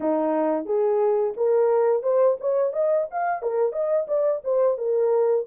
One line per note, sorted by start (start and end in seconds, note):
0.00 0.65 D#4
0.65 1.33 G#4
1.36 2.03 A#4
2.03 2.37 C5
2.40 2.73 C#5
2.73 3.07 D#5
3.11 3.42 F5
3.42 3.72 A#4
3.72 4.06 D#5
4.07 4.41 D5
4.44 4.77 C5
4.77 5.45 A#4